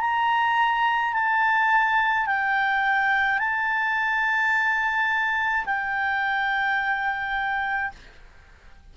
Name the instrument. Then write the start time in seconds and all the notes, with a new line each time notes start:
clarinet
0.00 A#5
1.13 A5
2.26 G5
3.39 A5
5.66 G5